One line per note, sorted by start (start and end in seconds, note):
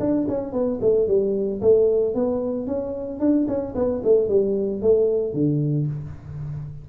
0.00 0.27 D4
0.29 0.53 C#4
0.53 0.80 B3
0.82 1.08 A3
1.08 1.61 G3
1.62 2.15 A3
2.15 2.67 B3
2.67 3.20 C#4
3.20 3.47 D4
3.48 3.75 C#4
3.75 4.02 B3
4.04 4.29 A3
4.29 4.82 G3
4.82 5.34 A3
5.34 5.87 D3